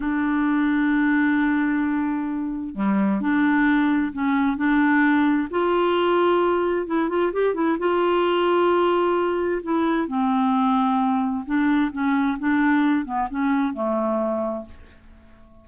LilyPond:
\new Staff \with { instrumentName = "clarinet" } { \time 4/4 \tempo 4 = 131 d'1~ | d'2 g4 d'4~ | d'4 cis'4 d'2 | f'2. e'8 f'8 |
g'8 e'8 f'2.~ | f'4 e'4 c'2~ | c'4 d'4 cis'4 d'4~ | d'8 b8 cis'4 a2 | }